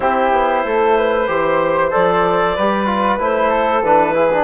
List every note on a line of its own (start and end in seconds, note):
0.00 0.31 C4
0.00 1.24 E4
0.00 0.64 G4
0.00 1.91 C5
0.31 0.63 B3
0.64 1.28 A3
0.64 0.97 A4
0.97 1.28 B4
1.27 1.91 E3
1.27 1.91 G4
1.27 2.55 C5
1.91 2.58 F3
1.91 2.55 A4
1.91 3.20 D5
2.55 3.19 G3
2.55 2.86 G4
2.55 3.49 B4
2.86 3.18 F4
3.18 3.83 A3
3.18 3.82 E4
3.18 3.83 C5
3.49 4.13 A4
3.83 4.43 E3
3.83 4.13 D4
3.83 4.43 B4
4.13 4.29 E4
4.13 4.43 G#4
4.32 4.43 D4